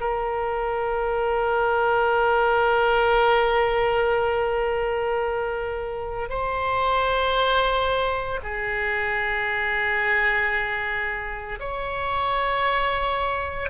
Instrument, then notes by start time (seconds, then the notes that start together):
oboe
0.00 A#4
6.29 C5
8.43 G#4
11.59 C#5